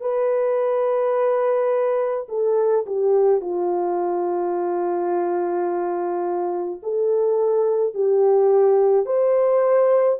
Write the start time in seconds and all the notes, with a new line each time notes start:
0.00 B4
2.28 A4
2.86 G4
3.41 F4
6.82 A4
7.94 G4
9.06 C5